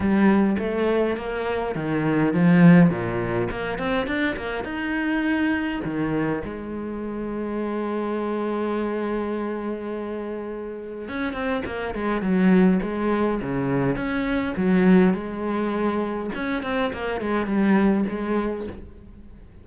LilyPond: \new Staff \with { instrumentName = "cello" } { \time 4/4 \tempo 4 = 103 g4 a4 ais4 dis4 | f4 ais,4 ais8 c'8 d'8 ais8 | dis'2 dis4 gis4~ | gis1~ |
gis2. cis'8 c'8 | ais8 gis8 fis4 gis4 cis4 | cis'4 fis4 gis2 | cis'8 c'8 ais8 gis8 g4 gis4 | }